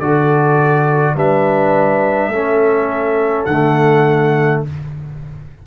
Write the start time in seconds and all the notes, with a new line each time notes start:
0.00 D3 F#4 A4 D5
1.15 G3 D4 B4 E5
2.28 A3 C#4 A4
3.46 D3 A3 F#5